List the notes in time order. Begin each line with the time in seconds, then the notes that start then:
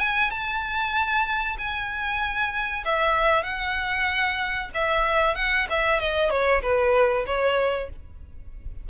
0.00 G#5
0.31 A5
1.58 G#5
2.86 E5
3.44 F#5
4.75 E5
5.36 F#5
5.70 E5
6.01 D#5
6.31 C#5
6.63 B4
7.27 C#5